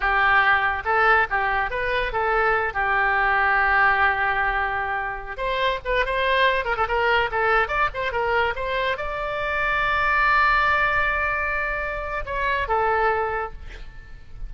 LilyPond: \new Staff \with { instrumentName = "oboe" } { \time 4/4 \tempo 4 = 142 g'2 a'4 g'4 | b'4 a'4. g'4.~ | g'1~ | g'8. c''4 b'8 c''4. ais'16 |
a'16 ais'4 a'4 d''8 c''8 ais'8.~ | ais'16 c''4 d''2~ d''8.~ | d''1~ | d''4 cis''4 a'2 | }